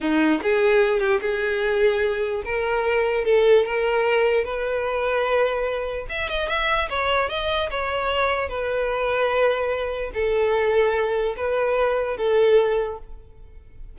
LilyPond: \new Staff \with { instrumentName = "violin" } { \time 4/4 \tempo 4 = 148 dis'4 gis'4. g'8 gis'4~ | gis'2 ais'2 | a'4 ais'2 b'4~ | b'2. e''8 dis''8 |
e''4 cis''4 dis''4 cis''4~ | cis''4 b'2.~ | b'4 a'2. | b'2 a'2 | }